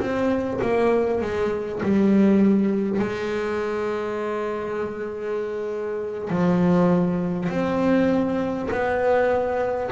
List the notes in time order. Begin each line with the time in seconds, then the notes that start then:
0.00 C4
0.61 A#3
1.21 G#3
1.82 G3
2.99 G#3
6.30 F3
7.49 C4
8.70 B3